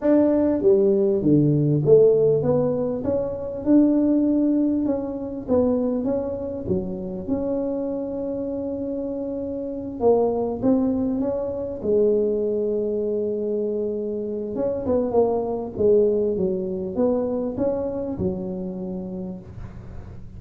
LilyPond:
\new Staff \with { instrumentName = "tuba" } { \time 4/4 \tempo 4 = 99 d'4 g4 d4 a4 | b4 cis'4 d'2 | cis'4 b4 cis'4 fis4 | cis'1~ |
cis'8 ais4 c'4 cis'4 gis8~ | gis1 | cis'8 b8 ais4 gis4 fis4 | b4 cis'4 fis2 | }